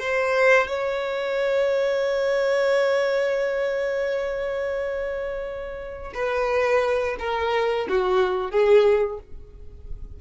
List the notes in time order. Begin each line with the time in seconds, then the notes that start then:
0.00 C5
0.68 C#5
6.15 B4
7.20 A#4
7.89 F#4
8.51 G#4